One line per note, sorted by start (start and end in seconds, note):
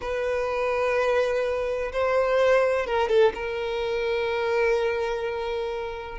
0.01 1.92 B4
1.92 2.86 C5
2.86 3.08 A#4
3.08 3.32 A4
3.34 6.18 A#4